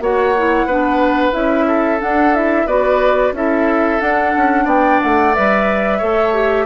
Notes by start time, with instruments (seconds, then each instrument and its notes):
0.00 bassoon A#3, clarinet F#4, oboe C#5, flute F#5
0.37 clarinet E4
0.66 bassoon B3, clarinet D4, oboe B4
1.32 bassoon C#4, clarinet E4, flute E5
1.68 oboe A4
1.99 clarinet D4, bassoon D4, flute F#5
2.34 clarinet E4, flute E5
2.66 bassoon B3, clarinet F#4, oboe B4, flute D5
3.32 bassoon C#4, clarinet E4, oboe A4, flute E5
4.00 clarinet D4, bassoon D4, flute F#5
4.36 bassoon C#4
4.65 bassoon B3, oboe D5, flute G5
5.02 bassoon A3, flute F#5
5.34 bassoon G3, clarinet B4, flute E5
5.98 bassoon A3, clarinet A4, oboe C#5
6.34 clarinet G4